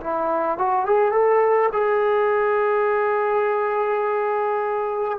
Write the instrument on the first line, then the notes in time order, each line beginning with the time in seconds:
trombone
0.00 E4
0.58 F#4
0.85 G#4
1.12 A4
1.72 G#4